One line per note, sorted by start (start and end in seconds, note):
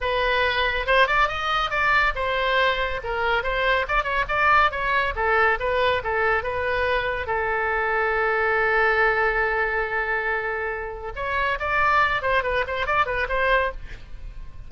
0.00 0.86 B4
0.86 1.07 C5
1.07 1.28 D5
1.28 1.70 D#5
1.70 2.13 D5
2.15 3.00 C5
3.03 3.43 A#4
3.43 3.86 C5
3.88 4.03 D5
4.03 4.24 C#5
4.28 4.71 D5
4.71 5.14 C#5
5.15 5.58 A4
5.59 6.02 B4
6.03 6.43 A4
6.43 7.26 B4
7.26 11.12 A4
11.15 11.58 C#5
11.59 12.21 D5
12.21 12.43 C5
12.43 12.64 B4
12.67 12.86 C5
12.86 13.06 D5
13.06 13.27 B4
13.28 13.71 C5